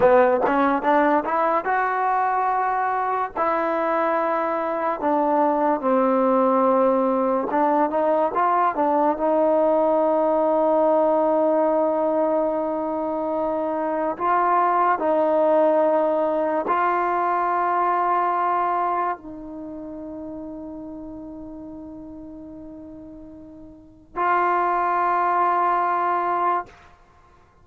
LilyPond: \new Staff \with { instrumentName = "trombone" } { \time 4/4 \tempo 4 = 72 b8 cis'8 d'8 e'8 fis'2 | e'2 d'4 c'4~ | c'4 d'8 dis'8 f'8 d'8 dis'4~ | dis'1~ |
dis'4 f'4 dis'2 | f'2. dis'4~ | dis'1~ | dis'4 f'2. | }